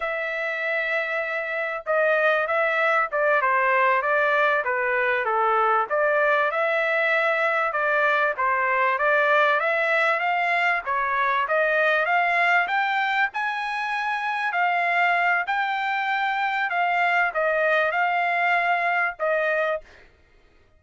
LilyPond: \new Staff \with { instrumentName = "trumpet" } { \time 4/4 \tempo 4 = 97 e''2. dis''4 | e''4 d''8 c''4 d''4 b'8~ | b'8 a'4 d''4 e''4.~ | e''8 d''4 c''4 d''4 e''8~ |
e''8 f''4 cis''4 dis''4 f''8~ | f''8 g''4 gis''2 f''8~ | f''4 g''2 f''4 | dis''4 f''2 dis''4 | }